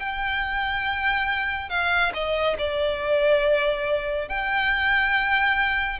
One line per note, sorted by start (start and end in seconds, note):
0.00 1.70 G5
1.70 2.13 F5
2.14 2.57 D#5
2.59 4.29 D5
4.29 6.00 G5